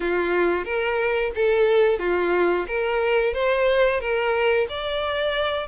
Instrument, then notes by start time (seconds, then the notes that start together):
violin
0.00 F4
0.65 A#4
1.35 A4
1.99 F4
2.67 A#4
3.33 C5
4.00 A#4
4.69 D5